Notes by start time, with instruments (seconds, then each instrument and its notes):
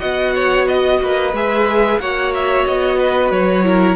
0.00 cello B3, viola F#4, violin D#5 F#5
0.36 violin C#5
0.68 violin D#5
1.02 cello A#3, violin B4
1.34 cello G#3, viola G#4, violin E5
2.00 cello A#3, viola F#4, violin C#5 F#5
2.35 violin E5
2.67 cello B3, violin D#5
2.99 violin B4
3.31 cello F#3, violin C#5
3.64 viola E4, violin A#4